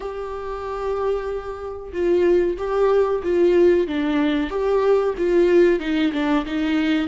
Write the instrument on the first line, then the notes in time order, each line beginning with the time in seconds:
viola
0.00 G4
1.92 F4
2.57 G4
3.23 F4
3.87 D4
4.50 G4
5.17 F4
5.79 D#4
6.12 D4
6.45 D#4